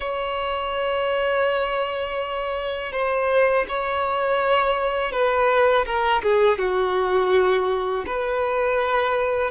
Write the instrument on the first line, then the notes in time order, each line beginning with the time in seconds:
violin
0.00 C#5
2.92 C5
3.68 C#5
5.12 B4
5.85 A#4
6.22 G#4
6.58 F#4
8.06 B4